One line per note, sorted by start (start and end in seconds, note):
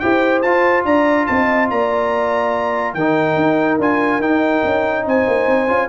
0.00 0.44 E4
0.00 0.44 G4
0.00 0.86 C5
0.00 0.42 G5
0.42 0.85 F4
0.42 2.97 F4
0.42 0.84 A5
0.85 1.27 D4
0.85 1.28 D5
0.85 1.27 A#5
1.27 1.71 C4
1.27 1.72 D#5
1.27 1.69 A5
1.70 2.94 A#3
1.70 2.97 D5
1.70 2.94 A#5
2.94 3.36 D#3
2.94 3.81 D#4
2.94 5.06 A#4
2.94 3.78 G5
3.36 3.78 D#4
3.79 4.19 D4
3.79 4.22 F4
3.79 4.22 G#5
4.19 4.61 D#4
4.19 5.68 D#4
4.19 5.06 G5
4.64 5.06 C#4
5.06 5.27 C4
5.06 5.89 C5
5.06 5.89 G#5
5.28 5.48 A#3
5.48 5.68 C4
5.68 5.89 C#4
5.68 5.89 F4